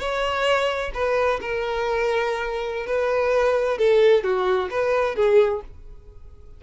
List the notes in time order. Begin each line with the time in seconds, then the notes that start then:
0.00 C#5
0.95 B4
1.41 A#4
2.87 B4
3.78 A4
4.24 F#4
4.71 B4
5.16 G#4